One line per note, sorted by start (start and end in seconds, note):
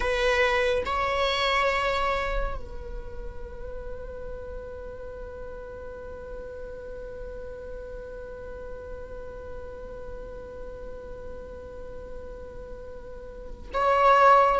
0.00 0.83 B4
0.85 2.56 C#5
2.56 13.71 B4
13.73 14.59 C#5